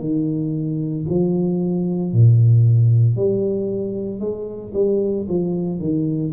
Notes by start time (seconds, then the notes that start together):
0.00 D#3
1.10 F3
2.13 A#2
3.16 G3
4.20 G#3
4.74 G3
5.29 F3
5.79 D#3